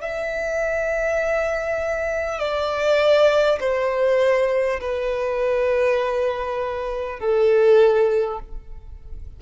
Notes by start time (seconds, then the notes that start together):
0.00 E5
2.38 D5
3.59 C5
4.80 B4
7.19 A4